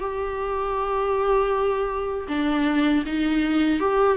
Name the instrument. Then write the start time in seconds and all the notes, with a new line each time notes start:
viola
0.00 G4
2.29 D4
3.06 D#4
3.80 G4